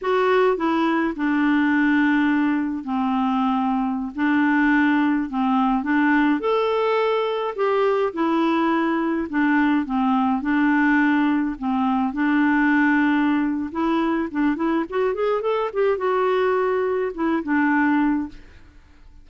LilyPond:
\new Staff \with { instrumentName = "clarinet" } { \time 4/4 \tempo 4 = 105 fis'4 e'4 d'2~ | d'4 c'2~ c'16 d'8.~ | d'4~ d'16 c'4 d'4 a'8.~ | a'4~ a'16 g'4 e'4.~ e'16~ |
e'16 d'4 c'4 d'4.~ d'16~ | d'16 c'4 d'2~ d'8. | e'4 d'8 e'8 fis'8 gis'8 a'8 g'8 | fis'2 e'8 d'4. | }